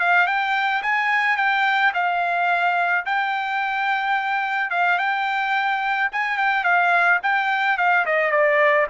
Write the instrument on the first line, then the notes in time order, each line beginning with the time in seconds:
trumpet
0.00 F5
0.27 G5
0.83 G#5
1.37 G5
1.94 F5
3.06 G5
4.71 F5
4.99 G5
6.12 G#5
6.38 G5
6.64 F5
7.23 G5
7.78 F5
8.06 D#5
8.32 D5